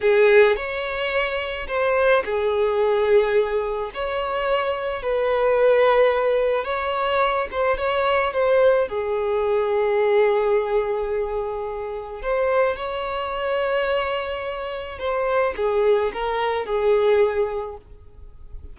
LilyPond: \new Staff \with { instrumentName = "violin" } { \time 4/4 \tempo 4 = 108 gis'4 cis''2 c''4 | gis'2. cis''4~ | cis''4 b'2. | cis''4. c''8 cis''4 c''4 |
gis'1~ | gis'2 c''4 cis''4~ | cis''2. c''4 | gis'4 ais'4 gis'2 | }